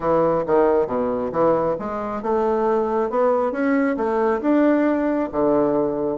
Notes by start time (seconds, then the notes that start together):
0.00 E3
0.46 D#3
0.86 B2
1.32 E3
1.79 G#3
2.22 A3
3.10 B3
3.52 C#4
3.96 A3
4.41 D4
5.32 D3